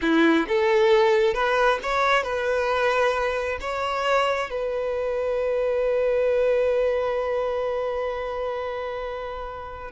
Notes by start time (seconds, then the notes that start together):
0.01 E4
0.48 A4
1.34 B4
1.82 C#5
2.23 B4
3.60 C#5
4.49 B4